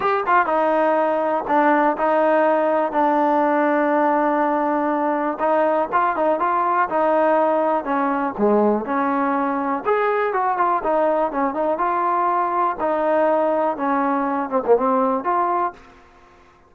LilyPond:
\new Staff \with { instrumentName = "trombone" } { \time 4/4 \tempo 4 = 122 g'8 f'8 dis'2 d'4 | dis'2 d'2~ | d'2. dis'4 | f'8 dis'8 f'4 dis'2 |
cis'4 gis4 cis'2 | gis'4 fis'8 f'8 dis'4 cis'8 dis'8 | f'2 dis'2 | cis'4. c'16 ais16 c'4 f'4 | }